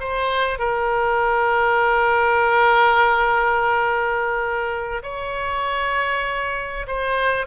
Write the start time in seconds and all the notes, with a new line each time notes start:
0.00 C5
0.59 A#4
5.03 C#5
6.87 C5